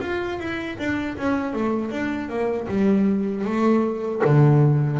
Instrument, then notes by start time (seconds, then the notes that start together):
double bass
0.00 F4
0.39 E4
0.78 D4
1.17 C#4
1.53 A3
1.91 D4
2.29 A#3
2.68 G3
3.44 A3
4.24 D3